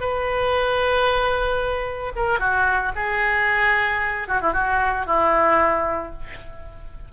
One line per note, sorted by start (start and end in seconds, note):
0.00 2.12 B4
2.15 2.39 A#4
2.39 2.92 F#4
2.95 4.27 G#4
4.27 4.41 F#4
4.41 4.53 E4
4.53 5.06 F#4
5.06 6.12 E4